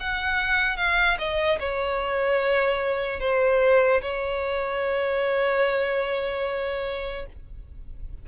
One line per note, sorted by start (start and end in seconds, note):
0.00 0.77 F#5
0.77 1.17 F5
1.18 1.58 D#5
1.60 3.20 C#5
3.20 4.01 C5
4.01 7.26 C#5